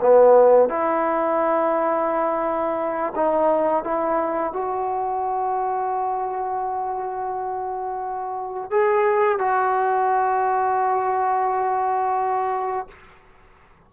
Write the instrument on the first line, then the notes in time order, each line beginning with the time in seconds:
trombone
0.00 B3
0.69 E4
3.15 D#4
3.84 E4
4.53 F#4
8.71 G#4
9.39 F#4